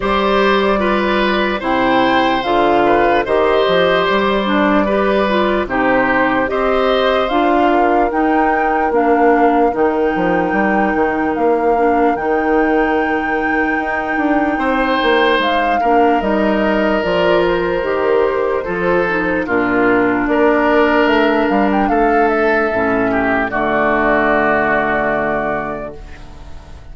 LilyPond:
<<
  \new Staff \with { instrumentName = "flute" } { \time 4/4 \tempo 4 = 74 d''2 g''4 f''4 | dis''4 d''2 c''4 | dis''4 f''4 g''4 f''4 | g''2 f''4 g''4~ |
g''2. f''4 | dis''4 d''8 c''2~ c''8 | ais'4 d''4 e''8 f''16 g''16 f''8 e''8~ | e''4 d''2. | }
  \new Staff \with { instrumentName = "oboe" } { \time 4/4 c''4 b'4 c''4. b'8 | c''2 b'4 g'4 | c''4. ais'2~ ais'8~ | ais'1~ |
ais'2 c''4. ais'8~ | ais'2. a'4 | f'4 ais'2 a'4~ | a'8 g'8 fis'2. | }
  \new Staff \with { instrumentName = "clarinet" } { \time 4/4 g'4 f'4 e'4 f'4 | g'4. d'8 g'8 f'8 dis'4 | g'4 f'4 dis'4 d'4 | dis'2~ dis'8 d'8 dis'4~ |
dis'2.~ dis'8 d'8 | dis'4 f'4 g'4 f'8 dis'8 | d'1 | cis'4 a2. | }
  \new Staff \with { instrumentName = "bassoon" } { \time 4/4 g2 c4 d4 | dis8 f8 g2 c4 | c'4 d'4 dis'4 ais4 | dis8 f8 g8 dis8 ais4 dis4~ |
dis4 dis'8 d'8 c'8 ais8 gis8 ais8 | g4 f4 dis4 f4 | ais,4 ais4 a8 g8 a4 | a,4 d2. | }
>>